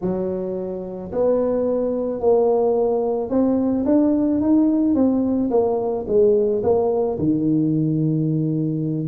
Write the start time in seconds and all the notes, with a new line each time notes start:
0.01 F#3
1.12 B3
2.20 A#3
3.29 C4
3.85 D4
4.40 D#4
4.94 C4
5.50 A#3
6.07 G#3
6.63 A#3
7.18 D#3